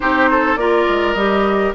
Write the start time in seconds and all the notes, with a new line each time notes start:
0.00 C4 D#4 G4 C5
0.30 A4
0.56 A#3 F4 A#4 D5
0.89 G#3
1.14 G3 G4 D#5